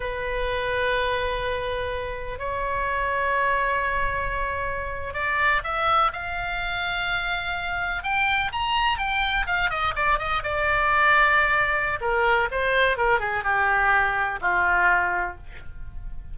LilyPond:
\new Staff \with { instrumentName = "oboe" } { \time 4/4 \tempo 4 = 125 b'1~ | b'4 cis''2.~ | cis''2~ cis''8. d''4 e''16~ | e''8. f''2.~ f''16~ |
f''8. g''4 ais''4 g''4 f''16~ | f''16 dis''8 d''8 dis''8 d''2~ d''16~ | d''4 ais'4 c''4 ais'8 gis'8 | g'2 f'2 | }